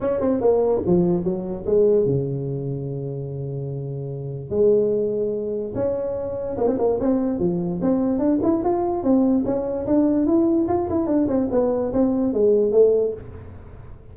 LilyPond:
\new Staff \with { instrumentName = "tuba" } { \time 4/4 \tempo 4 = 146 cis'8 c'8 ais4 f4 fis4 | gis4 cis2.~ | cis2. gis4~ | gis2 cis'2 |
ais16 c'16 ais8 c'4 f4 c'4 | d'8 e'8 f'4 c'4 cis'4 | d'4 e'4 f'8 e'8 d'8 c'8 | b4 c'4 gis4 a4 | }